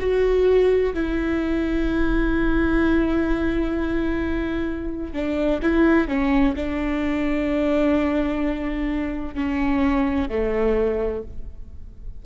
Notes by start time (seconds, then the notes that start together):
0.00 F#4
0.94 E4
5.13 D4
5.62 E4
6.08 C#4
6.56 D4
9.35 C#4
10.29 A3